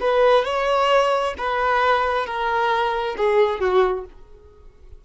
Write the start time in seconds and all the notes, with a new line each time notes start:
0.00 B4
0.45 C#5
1.37 B4
2.26 A#4
3.17 G#4
3.60 F#4